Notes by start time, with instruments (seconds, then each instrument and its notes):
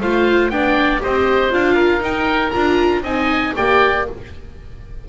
0.00 double bass A3, viola F4, oboe C5 F5
0.49 double bass B3, viola D4, oboe D5 G5
0.99 double bass C4, viola G4, oboe C5 D#5
1.50 double bass D4, viola F4, oboe F5
1.74 oboe A#4
2.00 double bass D#4, viola D#4, oboe G5
2.50 double bass D4, viola F4, oboe A#5
3.02 double bass C4, viola D#4, oboe D#5 G#5
3.55 double bass A#3, viola G4, oboe D5 G5